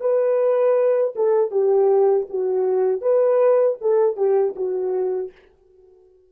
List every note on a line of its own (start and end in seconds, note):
0.00 1.14 B4
1.15 1.51 A4
1.51 2.27 G4
2.30 3.01 F#4
3.01 3.77 B4
3.81 4.16 A4
4.16 4.54 G4
4.56 5.32 F#4